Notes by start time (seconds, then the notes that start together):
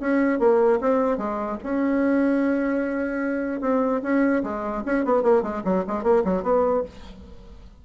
0.00 C#4
0.39 A#3
0.81 C4
1.18 G#3
1.63 C#4
3.61 C4
4.03 C#4
4.43 G#3
4.86 C#4
5.05 B3
5.23 A#3
5.43 G#3
5.64 F#3
5.87 G#3
6.03 A#3
6.25 F#3
6.43 B3